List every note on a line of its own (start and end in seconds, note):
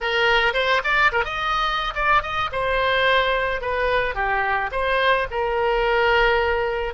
0.00 0.53 A#4
0.53 0.81 C5
0.84 1.11 D5
1.11 1.24 A#4
1.24 1.94 D#5
1.94 2.22 D5
2.22 2.50 D#5
2.52 3.61 C5
3.61 4.14 B4
4.14 4.70 G4
4.71 5.27 C5
5.30 6.93 A#4